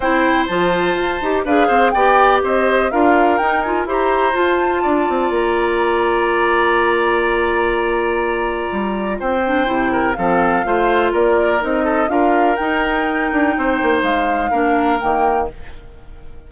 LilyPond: <<
  \new Staff \with { instrumentName = "flute" } { \time 4/4 \tempo 4 = 124 g''4 a''2 f''4 | g''4 dis''4 f''4 g''8 gis''8 | ais''4 a''2 ais''4~ | ais''1~ |
ais''2. g''4~ | g''4 f''2 d''4 | dis''4 f''4 g''2~ | g''4 f''2 g''4 | }
  \new Staff \with { instrumentName = "oboe" } { \time 4/4 c''2. b'8 c''8 | d''4 c''4 ais'2 | c''2 d''2~ | d''1~ |
d''2. c''4~ | c''8 ais'8 a'4 c''4 ais'4~ | ais'8 a'8 ais'2. | c''2 ais'2 | }
  \new Staff \with { instrumentName = "clarinet" } { \time 4/4 e'4 f'4. g'8 gis'4 | g'2 f'4 dis'8 f'8 | g'4 f'2.~ | f'1~ |
f'2.~ f'8 d'8 | e'4 c'4 f'2 | dis'4 f'4 dis'2~ | dis'2 d'4 ais4 | }
  \new Staff \with { instrumentName = "bassoon" } { \time 4/4 c'4 f4 f'8 dis'8 d'8 c'8 | b4 c'4 d'4 dis'4 | e'4 f'4 d'8 c'8 ais4~ | ais1~ |
ais2 g4 c'4 | c4 f4 a4 ais4 | c'4 d'4 dis'4. d'8 | c'8 ais8 gis4 ais4 dis4 | }
>>